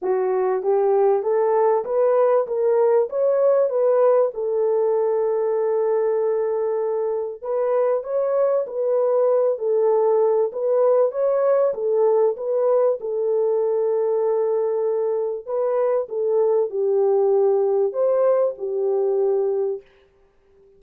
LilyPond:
\new Staff \with { instrumentName = "horn" } { \time 4/4 \tempo 4 = 97 fis'4 g'4 a'4 b'4 | ais'4 cis''4 b'4 a'4~ | a'1 | b'4 cis''4 b'4. a'8~ |
a'4 b'4 cis''4 a'4 | b'4 a'2.~ | a'4 b'4 a'4 g'4~ | g'4 c''4 g'2 | }